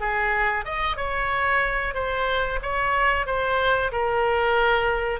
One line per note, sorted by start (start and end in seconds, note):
0.00 0.65 G#4
0.65 0.97 D#5
0.97 1.94 C#5
1.94 2.59 C5
2.62 3.26 C#5
3.26 3.91 C5
3.92 5.20 A#4